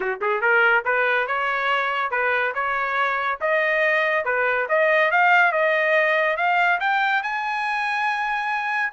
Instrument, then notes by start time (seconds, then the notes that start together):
trumpet
0.00 F#4
0.21 G#4
0.41 A#4
0.84 B4
1.27 C#5
2.10 B4
2.54 C#5
3.40 D#5
4.24 B4
4.68 D#5
5.11 F5
5.51 D#5
6.36 F5
6.80 G5
7.22 G#5